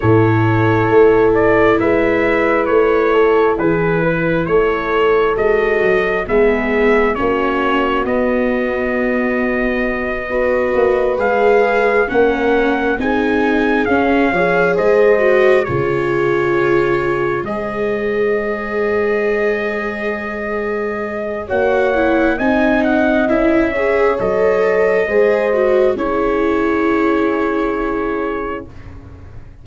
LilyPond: <<
  \new Staff \with { instrumentName = "trumpet" } { \time 4/4 \tempo 4 = 67 cis''4. d''8 e''4 cis''4 | b'4 cis''4 dis''4 e''4 | cis''4 dis''2.~ | dis''8 f''4 fis''4 gis''4 f''8~ |
f''8 dis''4 cis''2 dis''8~ | dis''1 | fis''4 gis''8 fis''8 e''4 dis''4~ | dis''4 cis''2. | }
  \new Staff \with { instrumentName = "horn" } { \time 4/4 a'2 b'4. a'8 | gis'8 b'8 a'2 gis'4 | fis'2.~ fis'8 b'8~ | b'4. ais'4 gis'4. |
cis''8 c''4 gis'2 c''8~ | c''1 | cis''4 dis''4. cis''4. | c''4 gis'2. | }
  \new Staff \with { instrumentName = "viola" } { \time 4/4 e'1~ | e'2 fis'4 b4 | cis'4 b2~ b8 fis'8~ | fis'8 gis'4 cis'4 dis'4 cis'8 |
gis'4 fis'8 f'2 gis'8~ | gis'1 | fis'8 e'8 dis'4 e'8 gis'8 a'4 | gis'8 fis'8 e'2. | }
  \new Staff \with { instrumentName = "tuba" } { \time 4/4 a,4 a4 gis4 a4 | e4 a4 gis8 fis8 gis4 | ais4 b2. | ais8 gis4 ais4 c'4 cis'8 |
f8 gis4 cis2 gis8~ | gis1 | ais4 c'4 cis'4 fis4 | gis4 cis'2. | }
>>